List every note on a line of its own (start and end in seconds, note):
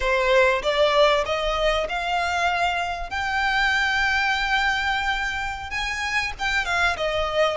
0.00 0.62 C5
0.62 1.24 D5
1.25 1.87 D#5
1.88 3.09 F5
3.09 5.70 G5
5.70 6.32 G#5
6.39 6.65 G5
6.65 6.96 F5
6.96 7.57 D#5